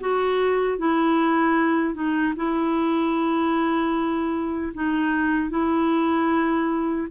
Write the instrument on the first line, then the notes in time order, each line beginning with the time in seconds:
clarinet
0.00 F#4
0.78 E4
1.94 D#4
2.36 E4
4.74 D#4
5.50 E4